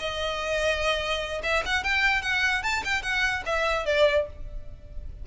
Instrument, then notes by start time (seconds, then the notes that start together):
violin
0.00 D#5
1.43 E5
1.66 F#5
1.84 G5
2.22 F#5
2.63 A5
2.85 G5
3.03 F#5
3.46 E5
3.86 D5